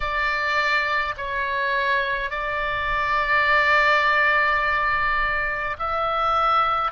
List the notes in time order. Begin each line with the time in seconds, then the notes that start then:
0.00 D5
1.17 C#5
2.30 D5
5.78 E5